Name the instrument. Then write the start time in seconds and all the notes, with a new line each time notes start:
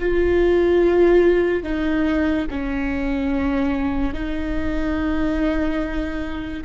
viola
0.00 F4
1.64 D#4
2.51 C#4
4.14 D#4